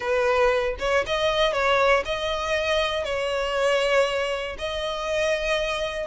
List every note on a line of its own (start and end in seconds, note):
0.00 0.76 B4
0.79 1.04 C#5
1.06 1.53 D#5
1.53 2.03 C#5
2.05 3.04 D#5
3.04 4.56 C#5
4.58 6.07 D#5